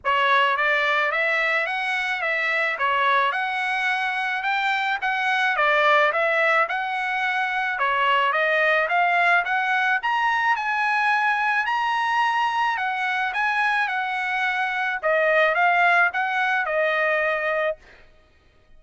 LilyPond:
\new Staff \with { instrumentName = "trumpet" } { \time 4/4 \tempo 4 = 108 cis''4 d''4 e''4 fis''4 | e''4 cis''4 fis''2 | g''4 fis''4 d''4 e''4 | fis''2 cis''4 dis''4 |
f''4 fis''4 ais''4 gis''4~ | gis''4 ais''2 fis''4 | gis''4 fis''2 dis''4 | f''4 fis''4 dis''2 | }